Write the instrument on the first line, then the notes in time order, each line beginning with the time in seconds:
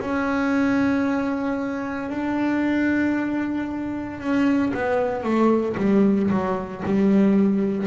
double bass
0.00 C#4
2.10 D4
4.20 C#4
4.74 B3
5.23 A3
5.78 G3
6.31 F#3
6.86 G3